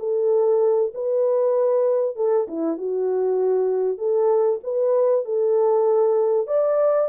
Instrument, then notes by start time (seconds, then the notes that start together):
horn
0.00 A4
0.95 B4
2.16 A4
2.49 E4
2.78 F#4
3.98 A4
4.64 B4
5.25 A4
6.48 D5